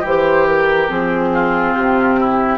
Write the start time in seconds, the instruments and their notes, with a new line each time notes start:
0.00 bassoon E3, oboe G4
0.07 clarinet G4, flute C5
0.47 flute A#4
0.88 bassoon F3, clarinet C4, flute G#4
1.34 oboe F4
1.74 bassoon C3, flute G4
2.20 oboe E4